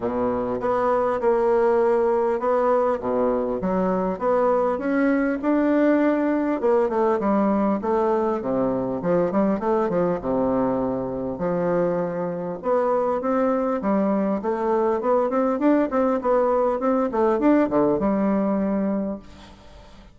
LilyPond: \new Staff \with { instrumentName = "bassoon" } { \time 4/4 \tempo 4 = 100 b,4 b4 ais2 | b4 b,4 fis4 b4 | cis'4 d'2 ais8 a8 | g4 a4 c4 f8 g8 |
a8 f8 c2 f4~ | f4 b4 c'4 g4 | a4 b8 c'8 d'8 c'8 b4 | c'8 a8 d'8 d8 g2 | }